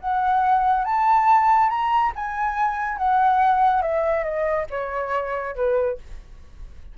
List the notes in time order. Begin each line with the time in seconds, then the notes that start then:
0.00 F#5
0.84 A5
1.69 A#5
2.15 G#5
2.97 F#5
3.81 E5
4.24 D#5
4.70 C#5
5.55 B4